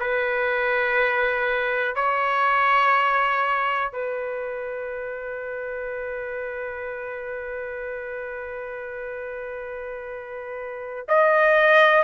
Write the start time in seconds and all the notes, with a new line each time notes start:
0.00 B4
1.96 C#5
3.93 B4
11.09 D#5